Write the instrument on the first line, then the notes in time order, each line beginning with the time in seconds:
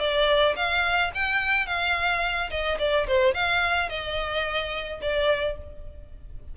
violin
0.00 D5
0.56 F5
1.15 G5
1.67 F5
2.51 D#5
2.79 D5
3.08 C5
3.34 F5
3.90 D#5
5.02 D5